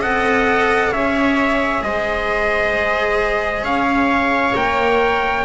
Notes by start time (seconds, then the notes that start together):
0.00 C4 A4 D#5 F#5
0.91 C#4 G#4 C#5 E5
1.82 G#3 C5 D#5
3.63 C#4 C#5 F5
4.54 A#3 A#4 G5